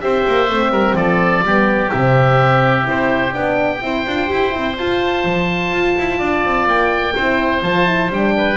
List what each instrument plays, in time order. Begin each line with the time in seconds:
0.00 double bass C4, horn G4, oboe C5 E5
0.27 double bass A#3
0.49 double bass A3, horn C4
0.70 double bass G3, oboe A#4
0.94 double bass F3, oboe A4 D5
1.42 double bass G3, horn B3, oboe G4
1.90 double bass C3, horn C4, oboe E5
2.83 double bass C4, horn E4, oboe C5
3.33 double bass B3, horn D4, oboe G5
3.82 double bass C4, horn E4, oboe C5
4.07 double bass D4, horn F4
4.27 double bass E4, horn G4
4.50 double bass C4, horn E4
4.77 horn F4, double bass F4, oboe A5
5.24 double bass F3
5.72 double bass F4
5.98 double bass E4
6.18 double bass D4, oboe D5
6.44 double bass C4
6.66 double bass A#3, oboe G5
7.15 double bass C4, horn E4, oboe C5
7.62 double bass F3, horn F4, oboe A5
7.86 horn E4
8.09 double bass G3, horn D4, oboe G5
8.37 oboe B4